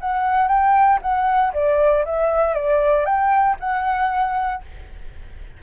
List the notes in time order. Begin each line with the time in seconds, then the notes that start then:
0.00 F#5
0.47 G5
1.02 F#5
1.53 D5
2.05 E5
2.54 D5
3.05 G5
3.60 F#5